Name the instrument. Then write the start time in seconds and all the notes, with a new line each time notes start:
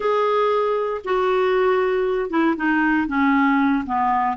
clarinet
0.00 G#4
1.04 F#4
2.30 E4
2.56 D#4
3.07 C#4
3.86 B3